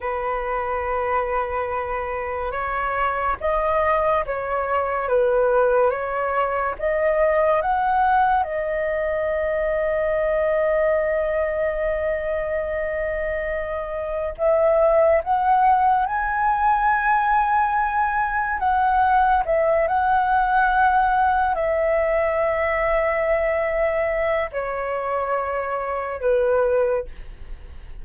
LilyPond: \new Staff \with { instrumentName = "flute" } { \time 4/4 \tempo 4 = 71 b'2. cis''4 | dis''4 cis''4 b'4 cis''4 | dis''4 fis''4 dis''2~ | dis''1~ |
dis''4 e''4 fis''4 gis''4~ | gis''2 fis''4 e''8 fis''8~ | fis''4. e''2~ e''8~ | e''4 cis''2 b'4 | }